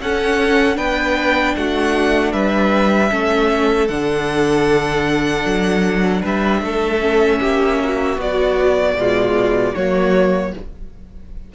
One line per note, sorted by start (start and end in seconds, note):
0.00 0.78 C#4
0.00 0.75 C#4
0.00 0.77 A4
0.00 0.78 F#5
0.75 1.56 B3
0.75 3.09 D4
0.75 1.55 B4
0.75 1.56 G5
1.56 2.33 A3
1.56 2.34 F#4
1.56 2.33 F#5
2.33 3.11 G3
2.33 3.11 B4
2.33 3.89 E5
3.10 3.89 A3
3.10 3.88 C#4
3.10 6.22 A4
3.89 5.45 D3
3.89 7.01 D4
3.89 6.22 F#5
5.45 6.23 F#3
6.22 6.62 G3
6.22 6.61 B4
6.22 8.21 E5
6.62 7.40 A3
6.62 7.40 A4
7.01 8.18 C#4
7.40 8.18 A#3
7.40 7.79 G4
7.84 8.99 F#4
8.18 8.97 F#3
8.18 8.95 B3
8.18 9.75 D5
8.95 9.73 B2
8.95 9.76 G#3
8.95 9.75 F4
9.75 10.54 F#3
9.75 10.55 A#3
9.75 10.53 F#4
9.75 10.53 C#5